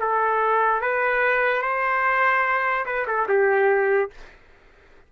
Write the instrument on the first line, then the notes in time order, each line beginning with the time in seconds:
trumpet
0.00 A4
0.81 B4
1.62 C5
2.86 B4
3.07 A4
3.28 G4